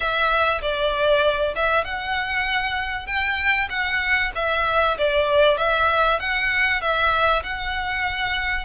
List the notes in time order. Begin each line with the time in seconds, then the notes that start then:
0.00 E5
0.61 D5
1.55 E5
1.84 F#5
3.06 G5
3.69 F#5
4.35 E5
4.98 D5
5.57 E5
6.19 F#5
6.81 E5
7.43 F#5